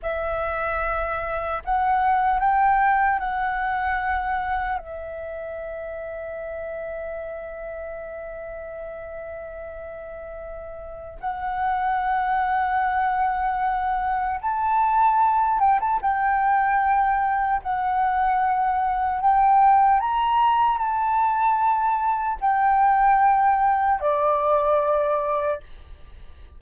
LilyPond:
\new Staff \with { instrumentName = "flute" } { \time 4/4 \tempo 4 = 75 e''2 fis''4 g''4 | fis''2 e''2~ | e''1~ | e''2 fis''2~ |
fis''2 a''4. g''16 a''16 | g''2 fis''2 | g''4 ais''4 a''2 | g''2 d''2 | }